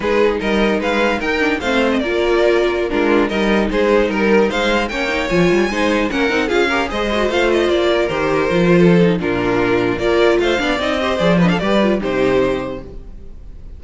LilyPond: <<
  \new Staff \with { instrumentName = "violin" } { \time 4/4 \tempo 4 = 150 b'4 dis''4 f''4 g''4 | f''8. dis''16 d''2~ d''16 ais'8.~ | ais'16 dis''4 c''4 ais'4 f''8.~ | f''16 g''4 gis''2 fis''8.~ |
fis''16 f''4 dis''4 f''8 dis''8 d''8.~ | d''16 c''2~ c''8. ais'4~ | ais'4 d''4 f''4 dis''4 | d''8 dis''16 f''16 d''4 c''2 | }
  \new Staff \with { instrumentName = "violin" } { \time 4/4 gis'4 ais'4 b'4 ais'4 | c''4 ais'2~ ais'16 f'8.~ | f'16 ais'4 gis'4 ais'4 c''8.~ | c''16 cis''2 c''4 ais'8.~ |
ais'16 gis'8 ais'8 c''2~ c''8 ais'16~ | ais'2 a'4 f'4~ | f'4 ais'4 c''8 d''4 c''8~ | c''8 b'16 a'16 b'4 g'2 | }
  \new Staff \with { instrumentName = "viola" } { \time 4/4 dis'2.~ dis'8 d'8 | c'4 f'2~ f'16 d'8.~ | d'16 dis'2.~ dis'8.~ | dis'16 cis'8 dis'8 f'4 dis'4 cis'8 dis'16~ |
dis'16 f'8 g'8 gis'8 fis'8 f'4.~ f'16~ | f'16 g'4 f'4~ f'16 dis'8 d'4~ | d'4 f'4. d'8 dis'8 g'8 | gis'8 d'8 g'8 f'8 dis'2 | }
  \new Staff \with { instrumentName = "cello" } { \time 4/4 gis4 g4 gis4 dis'4 | a4 ais2~ ais16 gis8.~ | gis16 g4 gis4 g4 gis8.~ | gis16 ais4 f8 g8 gis4 ais8 c'16~ |
c'16 cis'4 gis4 a4 ais8.~ | ais16 dis4 f4.~ f16 ais,4~ | ais,4 ais4 a8 b8 c'4 | f4 g4 c2 | }
>>